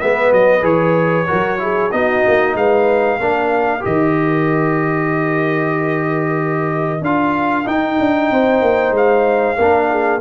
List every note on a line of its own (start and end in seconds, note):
0.00 0.32 G#3
0.00 0.61 B3
0.00 1.28 B4
0.00 0.32 E5
0.32 0.62 F#3
0.32 0.65 D#5
0.61 1.26 E3
0.61 1.25 G#4
0.61 1.91 C#5
1.27 1.93 F#3
1.27 1.59 F#4
1.27 1.59 A#4
1.59 1.91 E4
1.59 1.94 G#4
1.91 2.24 B3
1.91 3.20 D#4
1.91 2.57 F#4
1.91 2.55 D#5
2.27 2.55 A#3
2.55 3.19 G#3
2.55 3.21 B4
2.55 3.84 F5
3.19 3.83 A#3
3.19 3.80 D4
3.19 8.30 A#4
3.80 7.01 D#3
3.80 6.99 G4
3.80 7.04 D#5
7.01 7.65 D4
7.01 7.65 F4
7.01 7.67 F5
7.65 9.56 D#4
7.65 7.98 D#4
7.65 8.95 G5
7.99 8.30 D4
8.30 8.61 C4
8.30 9.58 C5
8.61 8.91 A#3
8.91 9.55 G#3
8.91 10.21 F5
9.58 10.21 A#3
9.58 10.21 D4
9.58 9.90 A#4
9.91 10.21 G#4